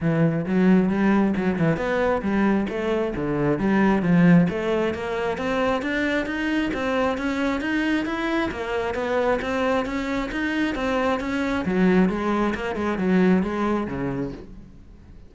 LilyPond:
\new Staff \with { instrumentName = "cello" } { \time 4/4 \tempo 4 = 134 e4 fis4 g4 fis8 e8 | b4 g4 a4 d4 | g4 f4 a4 ais4 | c'4 d'4 dis'4 c'4 |
cis'4 dis'4 e'4 ais4 | b4 c'4 cis'4 dis'4 | c'4 cis'4 fis4 gis4 | ais8 gis8 fis4 gis4 cis4 | }